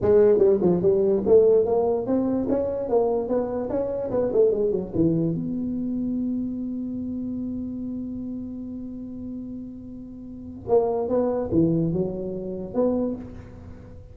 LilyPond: \new Staff \with { instrumentName = "tuba" } { \time 4/4 \tempo 4 = 146 gis4 g8 f8 g4 a4 | ais4 c'4 cis'4 ais4 | b4 cis'4 b8 a8 gis8 fis8 | e4 b2.~ |
b1~ | b1~ | b2 ais4 b4 | e4 fis2 b4 | }